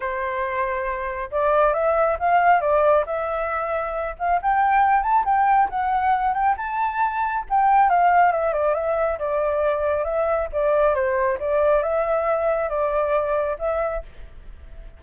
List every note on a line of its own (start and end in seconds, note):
0.00 1.30 C5
1.31 1.73 D5
1.73 2.17 E5
2.19 2.61 F5
2.61 3.04 D5
3.06 4.15 E5
4.18 4.40 F5
4.42 5.02 G5
5.02 5.24 A5
5.25 5.68 G5
5.69 6.33 F#5
6.33 6.55 G5
6.57 7.45 A5
7.49 7.89 G5
7.89 8.32 F5
8.32 8.53 E5
8.53 8.74 D5
8.74 9.18 E5
9.19 10.04 D5
10.04 10.48 E5
10.52 10.94 D5
10.94 11.38 C5
11.39 11.82 D5
11.82 12.69 E5
12.69 13.56 D5
13.59 14.02 E5